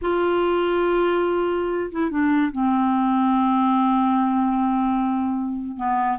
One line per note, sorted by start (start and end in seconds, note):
0.01 1.90 F4
1.91 2.10 E4
2.10 2.51 D4
2.51 5.76 C4
5.76 6.18 B3